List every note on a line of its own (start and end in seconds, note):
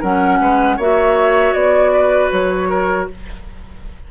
0.00 0.41 F#3
0.00 0.79 C#4
0.00 0.38 A#4
0.00 0.79 F#5
0.41 0.79 G#3
0.41 0.77 B4
0.77 1.54 A#3
0.77 3.11 F#4
0.77 1.92 C#5
0.77 1.54 E5
1.54 2.31 B3
1.54 2.30 D5
1.93 2.69 B4
2.31 3.09 F#3
2.31 3.08 C#5
2.69 3.08 A#4